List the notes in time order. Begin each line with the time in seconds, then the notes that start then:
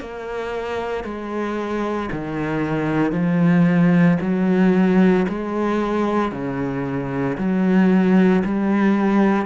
0.00 A#3
1.04 G#3
2.11 D#3
3.12 F3
4.21 F#3
5.28 G#3
6.32 C#3
7.38 F#3
8.44 G3